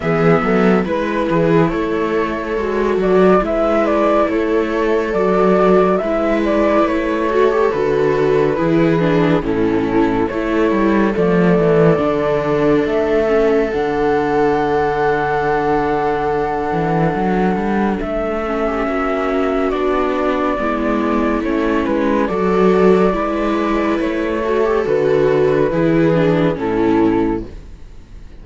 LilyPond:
<<
  \new Staff \with { instrumentName = "flute" } { \time 4/4 \tempo 4 = 70 e''4 b'4 cis''4. d''8 | e''8 d''8 cis''4 d''4 e''8 d''8 | cis''4 b'2 a'4 | cis''4 d''2 e''4 |
fis''1~ | fis''4 e''2 d''4~ | d''4 cis''8 b'8 d''2 | cis''4 b'2 a'4 | }
  \new Staff \with { instrumentName = "viola" } { \time 4/4 gis'8 a'8 b'8 gis'8 a'2 | b'4 a'2 b'4~ | b'8 a'4. gis'4 e'4 | a'1~ |
a'1~ | a'4.~ a'16 g'16 fis'2 | e'2 a'4 b'4~ | b'8 a'4. gis'4 e'4 | }
  \new Staff \with { instrumentName = "viola" } { \time 4/4 b4 e'2 fis'4 | e'2 fis'4 e'4~ | e'8 fis'16 g'16 fis'4 e'8 d'8 cis'4 | e'4 a4 d'4. cis'8 |
d'1~ | d'4. cis'4. d'4 | b4 cis'4 fis'4 e'4~ | e'8 fis'16 g'16 fis'4 e'8 d'8 cis'4 | }
  \new Staff \with { instrumentName = "cello" } { \time 4/4 e8 fis8 gis8 e8 a4 gis8 fis8 | gis4 a4 fis4 gis4 | a4 d4 e4 a,4 | a8 g8 f8 e8 d4 a4 |
d2.~ d8 e8 | fis8 g8 a4 ais4 b4 | gis4 a8 gis8 fis4 gis4 | a4 d4 e4 a,4 | }
>>